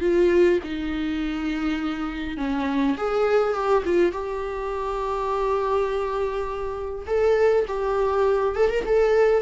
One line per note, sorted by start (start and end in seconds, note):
0.00 0.59 F4
0.63 2.37 D#4
2.37 2.96 C#4
2.97 3.53 G#4
3.53 3.83 G4
3.85 4.12 F4
4.12 7.06 G4
7.06 7.65 A4
7.67 8.55 G4
8.55 8.70 A4
8.70 8.84 A#4
8.86 9.42 A4